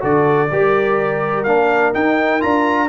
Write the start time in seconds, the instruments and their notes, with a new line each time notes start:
0.00 tuba D3, trombone F#4, horn A4, trumpet D5
0.51 tuba G3, trombone G4, horn A#4
1.44 tuba A#3, trombone D4, trumpet F5
1.94 trombone D#4, tuba D#4, trumpet G5
2.40 tuba D4, trombone F4, trumpet A#5